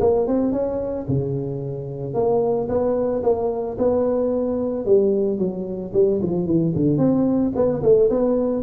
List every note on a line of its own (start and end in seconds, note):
0.00 0.27 A#3
0.27 0.52 C4
0.52 1.06 C#4
1.08 2.14 C#3
2.14 2.68 A#3
2.69 3.23 B3
3.23 3.77 A#3
3.78 4.85 B3
4.85 5.38 G3
5.38 5.92 F#3
5.93 6.20 G3
6.22 6.46 F3
6.46 6.73 E3
6.75 6.98 D3
6.98 7.52 C4
7.55 7.82 B3
7.82 8.09 A3
8.10 8.63 B3